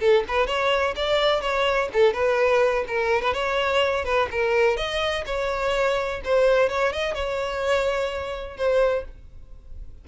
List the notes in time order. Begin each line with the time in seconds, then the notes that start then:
0.00 A4
0.28 B4
0.47 C#5
0.96 D5
1.41 C#5
1.93 A4
2.13 B4
2.87 A#4
3.22 B4
3.33 C#5
4.05 B4
4.31 A#4
4.77 D#5
5.26 C#5
6.24 C5
6.69 C#5
6.93 D#5
7.14 C#5
8.57 C5